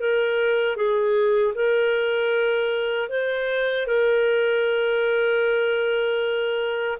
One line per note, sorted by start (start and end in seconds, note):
0.00 0.76 A#4
0.76 1.54 G#4
1.55 3.09 A#4
3.09 3.86 C5
3.86 6.98 A#4